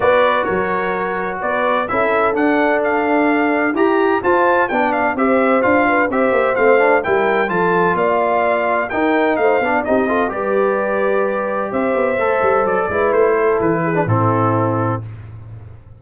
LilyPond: <<
  \new Staff \with { instrumentName = "trumpet" } { \time 4/4 \tempo 4 = 128 d''4 cis''2 d''4 | e''4 fis''4 f''2 | ais''4 a''4 g''8 f''8 e''4 | f''4 e''4 f''4 g''4 |
a''4 f''2 g''4 | f''4 dis''4 d''2~ | d''4 e''2 d''4 | c''4 b'4 a'2 | }
  \new Staff \with { instrumentName = "horn" } { \time 4/4 b'4 ais'2 b'4 | a'1 | g'4 c''4 d''4 c''4~ | c''8 b'8 c''2 ais'4 |
a'4 d''2 ais'4 | c''8 d''8 g'8 a'8 b'2~ | b'4 c''2~ c''8 b'8~ | b'8 a'4 gis'8 e'2 | }
  \new Staff \with { instrumentName = "trombone" } { \time 4/4 fis'1 | e'4 d'2. | g'4 f'4 d'4 g'4 | f'4 g'4 c'8 d'8 e'4 |
f'2. dis'4~ | dis'8 d'8 dis'8 f'8 g'2~ | g'2 a'4. e'8~ | e'4.~ e'16 d'16 c'2 | }
  \new Staff \with { instrumentName = "tuba" } { \time 4/4 b4 fis2 b4 | cis'4 d'2. | e'4 f'4 b4 c'4 | d'4 c'8 ais8 a4 g4 |
f4 ais2 dis'4 | a8 b8 c'4 g2~ | g4 c'8 b8 a8 g8 fis8 gis8 | a4 e4 a,2 | }
>>